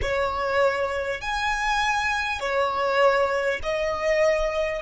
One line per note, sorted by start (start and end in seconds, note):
0.01 1.21 C#5
1.21 2.39 G#5
2.39 3.59 C#5
3.62 4.82 D#5